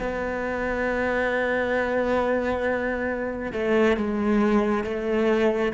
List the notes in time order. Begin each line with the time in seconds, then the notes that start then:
0.00 B3
3.53 A3
3.97 G#3
4.84 A3